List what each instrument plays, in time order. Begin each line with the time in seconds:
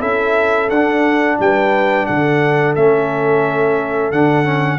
0.00 tuba C#4, trombone E4, horn A4, trumpet E5
0.70 tuba D4, trombone D4, trumpet F#5
1.39 tuba G3, horn B4, trumpet G5
2.06 tuba D3, horn A4, trumpet F#5
2.75 tuba A3, trombone C#4, trumpet E5
4.12 tuba D3, trombone D4, trumpet F#5
4.44 trombone C#4